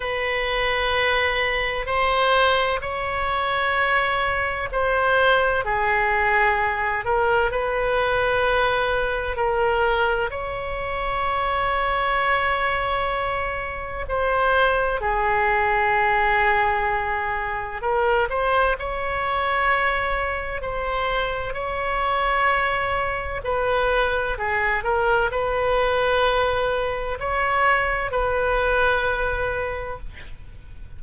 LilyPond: \new Staff \with { instrumentName = "oboe" } { \time 4/4 \tempo 4 = 64 b'2 c''4 cis''4~ | cis''4 c''4 gis'4. ais'8 | b'2 ais'4 cis''4~ | cis''2. c''4 |
gis'2. ais'8 c''8 | cis''2 c''4 cis''4~ | cis''4 b'4 gis'8 ais'8 b'4~ | b'4 cis''4 b'2 | }